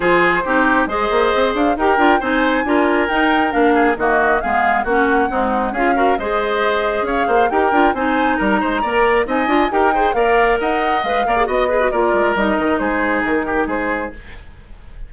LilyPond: <<
  \new Staff \with { instrumentName = "flute" } { \time 4/4 \tempo 4 = 136 c''2 dis''4. f''8 | g''4 gis''2 g''4 | f''4 dis''4 f''4 fis''4~ | fis''4 f''4 dis''2 |
f''4 g''4 gis''4 ais''4~ | ais''4 gis''4 g''4 f''4 | fis''4 f''4 dis''4 d''4 | dis''4 c''4 ais'4 c''4 | }
  \new Staff \with { instrumentName = "oboe" } { \time 4/4 gis'4 g'4 c''2 | ais'4 c''4 ais'2~ | ais'8 gis'8 fis'4 gis'4 fis'4 | dis'4 gis'8 ais'8 c''2 |
cis''8 c''8 ais'4 c''4 ais'8 c''8 | d''4 dis''4 ais'8 c''8 d''4 | dis''4. d''8 dis''8 b'8 ais'4~ | ais'4 gis'4. g'8 gis'4 | }
  \new Staff \with { instrumentName = "clarinet" } { \time 4/4 f'4 dis'4 gis'2 | g'8 f'8 dis'4 f'4 dis'4 | d'4 ais4 b4 cis'4 | gis4 f'8 fis'8 gis'2~ |
gis'4 g'8 f'8 dis'2 | ais'4 dis'8 f'8 g'8 gis'8 ais'4~ | ais'4 b'8 ais'16 gis'16 fis'8 gis'16 fis'16 f'4 | dis'1 | }
  \new Staff \with { instrumentName = "bassoon" } { \time 4/4 f4 c'4 gis8 ais8 c'8 d'8 | dis'8 d'8 c'4 d'4 dis'4 | ais4 dis4 gis4 ais4 | c'4 cis'4 gis2 |
cis'8 ais8 dis'8 d'8 c'4 g8 gis8 | ais4 c'8 d'8 dis'4 ais4 | dis'4 gis8 ais8 b4 ais8 gis8 | g8 dis8 gis4 dis4 gis4 | }
>>